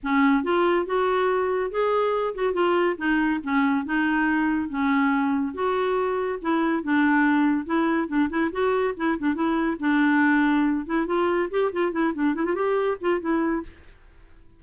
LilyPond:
\new Staff \with { instrumentName = "clarinet" } { \time 4/4 \tempo 4 = 141 cis'4 f'4 fis'2 | gis'4. fis'8 f'4 dis'4 | cis'4 dis'2 cis'4~ | cis'4 fis'2 e'4 |
d'2 e'4 d'8 e'8 | fis'4 e'8 d'8 e'4 d'4~ | d'4. e'8 f'4 g'8 f'8 | e'8 d'8 e'16 f'16 g'4 f'8 e'4 | }